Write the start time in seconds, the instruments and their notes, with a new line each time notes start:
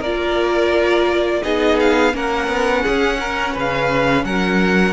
0.00 cello A#3, viola F4, violin A#4 D5
1.43 cello B3, viola D#4, violin G#4 D#5
1.80 violin F5
2.12 cello A#3, viola C#4, violin A#4 F#5
2.47 cello B3
2.82 cello C#4, violin G#4
3.20 violin A#4
3.53 cello C#3, violin B4 F5
4.24 cello F#3, violin A#4 F#5